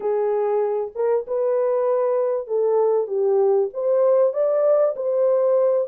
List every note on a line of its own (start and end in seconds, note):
0.00 0.91 G#4
0.95 1.26 A#4
1.27 2.47 B4
2.47 3.07 A4
3.07 3.69 G4
3.73 4.33 C5
4.33 4.95 D5
4.96 5.88 C5